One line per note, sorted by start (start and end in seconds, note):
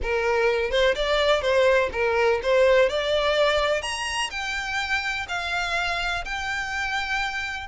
0.02 0.70 A#4
0.70 0.94 C5
0.95 1.41 D5
1.41 1.89 C5
1.92 2.40 A#4
2.43 2.89 C5
2.89 3.82 D5
3.82 4.30 A#5
4.30 5.26 G5
5.28 6.24 F5
6.24 7.67 G5